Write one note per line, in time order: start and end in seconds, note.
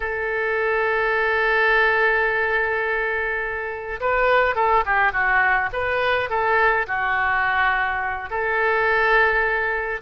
0.00 4.00 A4
4.00 4.55 B4
4.55 4.83 A4
4.85 5.12 G4
5.12 5.69 F#4
5.72 6.29 B4
6.29 6.86 A4
6.87 8.29 F#4
8.29 10.01 A4